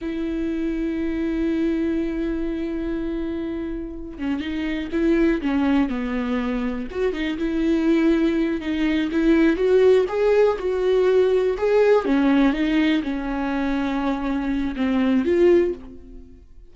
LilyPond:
\new Staff \with { instrumentName = "viola" } { \time 4/4 \tempo 4 = 122 e'1~ | e'1~ | e'8 cis'8 dis'4 e'4 cis'4 | b2 fis'8 dis'8 e'4~ |
e'4. dis'4 e'4 fis'8~ | fis'8 gis'4 fis'2 gis'8~ | gis'8 cis'4 dis'4 cis'4.~ | cis'2 c'4 f'4 | }